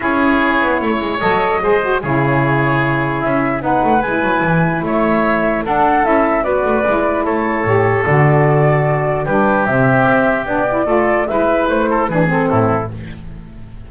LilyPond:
<<
  \new Staff \with { instrumentName = "flute" } { \time 4/4 \tempo 4 = 149 cis''2. dis''4~ | dis''4 cis''2. | e''4 fis''4 gis''2 | e''2 fis''4 e''4 |
d''2 cis''2 | d''2. b'4 | e''2 d''2 | e''4 c''4 b'8 a'4. | }
  \new Staff \with { instrumentName = "oboe" } { \time 4/4 gis'2 cis''2 | c''4 gis'2.~ | gis'4 b'2. | cis''2 a'2 |
b'2 a'2~ | a'2. g'4~ | g'2. a'4 | b'4. a'8 gis'4 e'4 | }
  \new Staff \with { instrumentName = "saxophone" } { \time 4/4 e'2. a'4 | gis'8 fis'8 e'2.~ | e'4 dis'4 e'2~ | e'2 d'4 e'4 |
fis'4 e'2 g'4 | fis'2. d'4 | c'2 d'8 e'8 f'4 | e'2 d'8 c'4. | }
  \new Staff \with { instrumentName = "double bass" } { \time 4/4 cis'4. b8 a8 gis8 fis4 | gis4 cis2. | cis'4 b8 a8 gis8 fis8 e4 | a2 d'4 cis'4 |
b8 a8 gis4 a4 a,4 | d2. g4 | c4 c'4 b4 a4 | gis4 a4 e4 a,4 | }
>>